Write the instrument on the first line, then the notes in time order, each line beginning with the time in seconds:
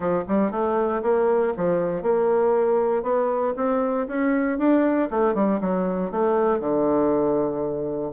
bassoon
0.00 F3
0.28 G3
0.51 A3
1.02 A#3
1.56 F3
2.02 A#3
3.03 B3
3.56 C4
4.07 C#4
4.58 D4
5.10 A3
5.34 G3
5.60 F#3
6.11 A3
6.60 D3